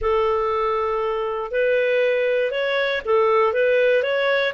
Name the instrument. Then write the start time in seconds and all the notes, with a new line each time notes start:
clarinet
0.01 A4
1.51 B4
2.51 C#5
3.05 A4
3.53 B4
4.02 C#5